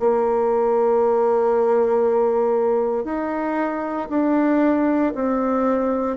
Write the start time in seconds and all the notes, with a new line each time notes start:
0.00 A#3
3.05 D#4
4.10 D4
5.15 C4